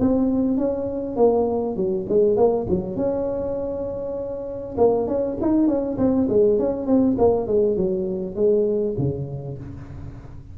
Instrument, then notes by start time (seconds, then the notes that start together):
tuba
0.00 C4
0.58 C#4
1.16 A#3
1.76 F#3
2.09 G#3
2.37 A#3
2.69 F#3
2.96 C#4
4.78 A#3
5.08 C#4
5.41 D#4
5.68 C#4
5.98 C4
6.29 G#3
6.59 C#4
6.87 C4
7.18 A#3
7.47 G#3
7.77 F#3
8.36 G#3
8.98 C#3